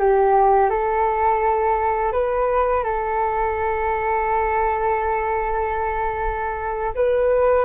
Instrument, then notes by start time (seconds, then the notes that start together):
flute
0.00 G4
0.70 A4
2.13 B4
2.84 A4
6.96 B4